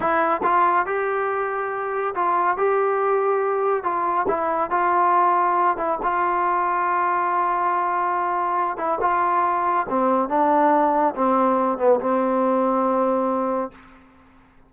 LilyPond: \new Staff \with { instrumentName = "trombone" } { \time 4/4 \tempo 4 = 140 e'4 f'4 g'2~ | g'4 f'4 g'2~ | g'4 f'4 e'4 f'4~ | f'4. e'8 f'2~ |
f'1~ | f'8 e'8 f'2 c'4 | d'2 c'4. b8 | c'1 | }